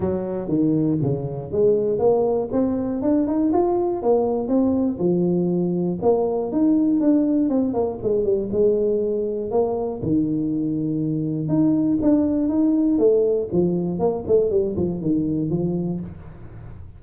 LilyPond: \new Staff \with { instrumentName = "tuba" } { \time 4/4 \tempo 4 = 120 fis4 dis4 cis4 gis4 | ais4 c'4 d'8 dis'8 f'4 | ais4 c'4 f2 | ais4 dis'4 d'4 c'8 ais8 |
gis8 g8 gis2 ais4 | dis2. dis'4 | d'4 dis'4 a4 f4 | ais8 a8 g8 f8 dis4 f4 | }